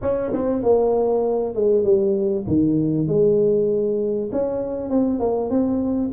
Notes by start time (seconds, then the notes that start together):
0.02 C#4
0.32 C4
0.62 A#3
1.54 G#3
1.84 G3
2.47 D#3
3.08 G#3
4.32 C#4
4.90 C4
5.19 A#3
5.49 C4